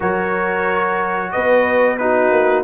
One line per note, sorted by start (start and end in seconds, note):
0.00 1.32 F#3
0.00 1.98 F#4
0.00 1.31 A#4
0.00 1.31 C#5
1.31 2.31 B3
1.31 1.99 B4
1.31 1.97 D#5
1.97 2.64 D#4
1.97 2.64 F#4
1.97 2.63 B4
2.31 2.64 A#3